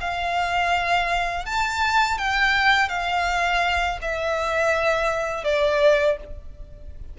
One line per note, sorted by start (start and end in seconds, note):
0.00 1.45 F5
1.45 2.18 A5
2.18 2.89 G5
2.89 3.98 F5
4.01 5.44 E5
5.44 6.17 D5